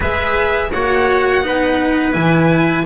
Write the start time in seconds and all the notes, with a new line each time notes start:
0.00 G#3 G#4 B4 E5
0.72 A#3 F#4 C#5 F#5
1.42 B3 D#4 B4
2.12 E3 E4 G#5